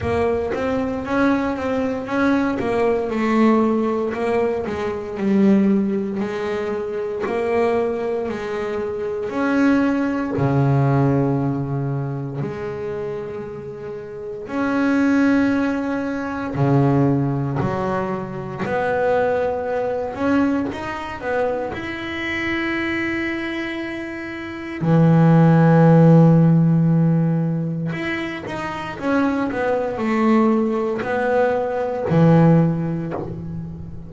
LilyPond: \new Staff \with { instrumentName = "double bass" } { \time 4/4 \tempo 4 = 58 ais8 c'8 cis'8 c'8 cis'8 ais8 a4 | ais8 gis8 g4 gis4 ais4 | gis4 cis'4 cis2 | gis2 cis'2 |
cis4 fis4 b4. cis'8 | dis'8 b8 e'2. | e2. e'8 dis'8 | cis'8 b8 a4 b4 e4 | }